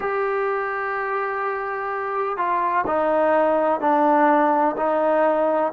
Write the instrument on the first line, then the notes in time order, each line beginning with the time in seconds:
trombone
0.00 G4
2.37 F4
2.87 D#4
3.80 D4
4.77 D#4